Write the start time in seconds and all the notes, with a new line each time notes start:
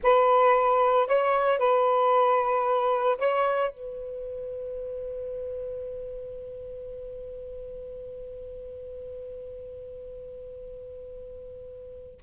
0.03 B4
1.07 C#5
1.58 B4
3.18 C#5
3.70 B4